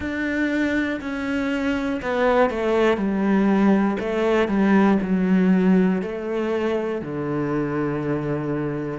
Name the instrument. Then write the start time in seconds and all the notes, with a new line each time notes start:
cello
0.00 D4
1.00 C#4
2.02 B3
2.50 A3
2.97 G3
3.99 A3
4.47 G3
5.02 F#3
6.01 A3
7.01 D3